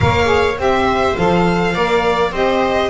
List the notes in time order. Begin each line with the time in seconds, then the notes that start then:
0.00 A#3 A#4 C#5 F5
0.24 G#4
0.58 C4 G4 C5 E5
1.16 F3 A4 F5
1.74 A#3 A#4 D5
2.31 C4 G4 C5 D#5